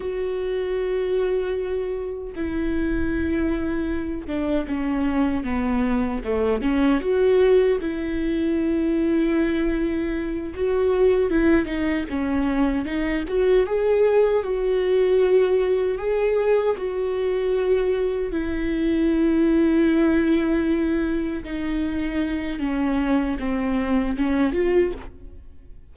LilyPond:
\new Staff \with { instrumentName = "viola" } { \time 4/4 \tempo 4 = 77 fis'2. e'4~ | e'4. d'8 cis'4 b4 | a8 cis'8 fis'4 e'2~ | e'4. fis'4 e'8 dis'8 cis'8~ |
cis'8 dis'8 fis'8 gis'4 fis'4.~ | fis'8 gis'4 fis'2 e'8~ | e'2.~ e'8 dis'8~ | dis'4 cis'4 c'4 cis'8 f'8 | }